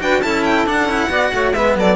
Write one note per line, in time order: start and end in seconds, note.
0.00 0.23 D4
0.00 0.22 F#4
0.00 0.22 B4
0.00 0.22 G5
0.22 0.66 C#4
0.22 0.67 E4
0.22 1.10 A4
0.22 0.44 A5
0.44 0.66 G5
0.66 0.85 D4
0.66 0.89 D4
0.66 1.53 F#5
0.85 1.07 C#4
0.85 1.09 E4
1.09 1.31 B3
1.09 1.54 F#4
1.09 1.32 D5
1.33 1.54 A3
1.33 1.55 C#5
1.53 1.76 G#3
1.53 1.96 B3
1.53 1.76 B4
1.53 1.75 E5
1.76 1.96 F#3
1.76 1.96 A4
1.76 1.96 D5